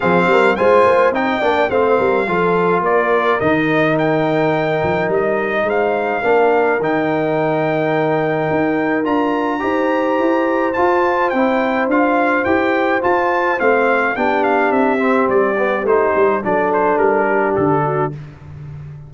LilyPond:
<<
  \new Staff \with { instrumentName = "trumpet" } { \time 4/4 \tempo 4 = 106 f''4 gis''4 g''4 f''4~ | f''4 d''4 dis''4 g''4~ | g''4 dis''4 f''2 | g''1 |
ais''2. a''4 | g''4 f''4 g''4 a''4 | f''4 g''8 f''8 e''4 d''4 | c''4 d''8 c''8 ais'4 a'4 | }
  \new Staff \with { instrumentName = "horn" } { \time 4/4 gis'8 ais'8 c''4 dis''8 d''8 c''8 ais'8 | a'4 ais'2.~ | ais'2 c''4 ais'4~ | ais'1~ |
ais'4 c''2.~ | c''1~ | c''4 g'2.~ | g'4 a'4. g'4 fis'8 | }
  \new Staff \with { instrumentName = "trombone" } { \time 4/4 c'4 f'4 dis'8 d'8 c'4 | f'2 dis'2~ | dis'2. d'4 | dis'1 |
f'4 g'2 f'4 | e'4 f'4 g'4 f'4 | c'4 d'4. c'4 b8 | dis'4 d'2. | }
  \new Staff \with { instrumentName = "tuba" } { \time 4/4 f8 g8 gis8 ais8 c'8 ais8 a8 g8 | f4 ais4 dis2~ | dis8 f8 g4 gis4 ais4 | dis2. dis'4 |
d'4 dis'4 e'4 f'4 | c'4 d'4 e'4 f'4 | a4 b4 c'4 g4 | a8 g8 fis4 g4 d4 | }
>>